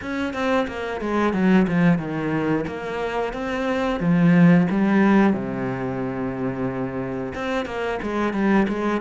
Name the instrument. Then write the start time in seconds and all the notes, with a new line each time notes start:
cello
0.01 C#4
0.33 C4
0.67 A#3
1.00 G#3
1.33 F#3
1.67 F3
1.98 D#3
2.67 A#3
3.33 C4
4.00 F3
4.70 G3
5.33 C3
7.34 C4
7.65 A#3
8.02 G#3
8.33 G3
8.68 G#3